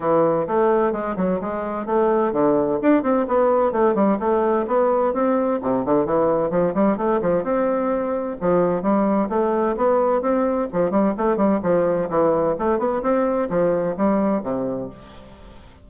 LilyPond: \new Staff \with { instrumentName = "bassoon" } { \time 4/4 \tempo 4 = 129 e4 a4 gis8 fis8 gis4 | a4 d4 d'8 c'8 b4 | a8 g8 a4 b4 c'4 | c8 d8 e4 f8 g8 a8 f8 |
c'2 f4 g4 | a4 b4 c'4 f8 g8 | a8 g8 f4 e4 a8 b8 | c'4 f4 g4 c4 | }